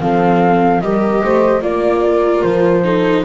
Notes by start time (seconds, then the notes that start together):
0.00 F3 C4 A4 F5
0.81 G3 G4 A#4 D#5
1.24 A3 C5
1.61 A#3 F4 D5
2.05 A#4
2.43 F3 C5
2.84 D#4 A4